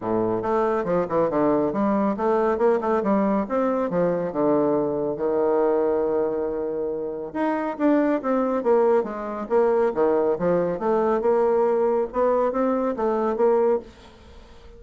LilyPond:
\new Staff \with { instrumentName = "bassoon" } { \time 4/4 \tempo 4 = 139 a,4 a4 f8 e8 d4 | g4 a4 ais8 a8 g4 | c'4 f4 d2 | dis1~ |
dis4 dis'4 d'4 c'4 | ais4 gis4 ais4 dis4 | f4 a4 ais2 | b4 c'4 a4 ais4 | }